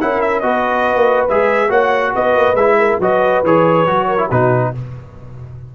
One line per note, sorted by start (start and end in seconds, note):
0.00 0.43 C#4
0.00 0.42 E4
0.00 0.44 A#4
0.00 0.21 F#5
0.21 0.40 E5
0.40 0.95 B3
0.40 1.29 F#4
0.40 1.69 B4
0.40 1.27 D#5
0.95 1.28 A#3
1.29 1.70 G#3
1.29 1.69 G#4
1.29 1.71 E5
1.69 2.13 A#3
1.69 2.55 F#4
1.69 2.12 C#5
1.69 2.15 F#5
2.13 2.36 B3
2.13 2.78 B4
2.13 2.56 D#5
2.36 2.54 A#3
2.54 2.97 G#3
2.54 3.02 E4
2.54 2.99 E5
2.78 3.00 A#4
2.99 3.43 F#3
2.99 3.45 F#4
2.99 4.08 B4
2.99 3.45 D#5
3.43 3.87 E3
3.43 3.87 G#4
3.43 4.31 C#5
3.87 4.30 F#3
3.87 4.18 F#4
4.08 4.28 A#4
4.18 4.29 E4
4.28 4.74 B2
4.28 4.75 D#4
4.28 4.71 F#4
4.28 4.74 B4